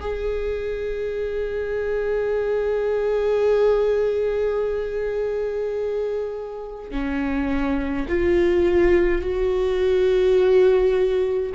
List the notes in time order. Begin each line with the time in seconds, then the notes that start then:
0.00 G#4
6.91 C#4
8.09 F4
9.22 F#4